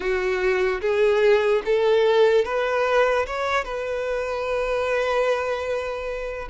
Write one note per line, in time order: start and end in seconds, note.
0.00 0.80 F#4
0.81 1.62 G#4
1.65 2.45 A4
2.45 3.26 B4
3.26 3.64 C#5
3.64 6.48 B4